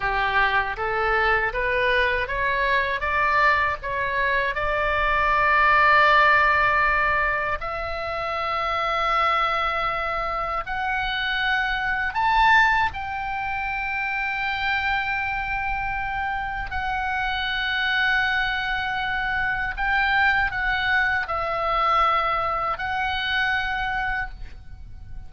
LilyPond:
\new Staff \with { instrumentName = "oboe" } { \time 4/4 \tempo 4 = 79 g'4 a'4 b'4 cis''4 | d''4 cis''4 d''2~ | d''2 e''2~ | e''2 fis''2 |
a''4 g''2.~ | g''2 fis''2~ | fis''2 g''4 fis''4 | e''2 fis''2 | }